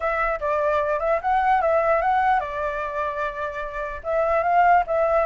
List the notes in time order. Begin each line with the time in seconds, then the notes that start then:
0.00 E5
0.39 D5
0.99 E5
1.21 F#5
1.61 E5
2.01 F#5
2.40 D5
4.03 E5
4.43 F5
4.87 E5